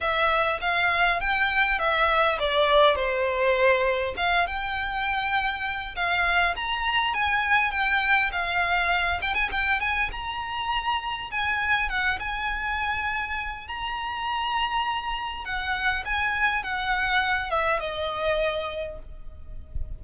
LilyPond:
\new Staff \with { instrumentName = "violin" } { \time 4/4 \tempo 4 = 101 e''4 f''4 g''4 e''4 | d''4 c''2 f''8 g''8~ | g''2 f''4 ais''4 | gis''4 g''4 f''4. g''16 gis''16 |
g''8 gis''8 ais''2 gis''4 | fis''8 gis''2~ gis''8 ais''4~ | ais''2 fis''4 gis''4 | fis''4. e''8 dis''2 | }